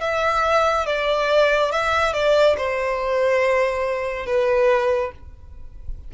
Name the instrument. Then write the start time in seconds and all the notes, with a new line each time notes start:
violin
0.00 E5
0.86 D5
1.71 E5
2.13 D5
2.57 C5
4.26 B4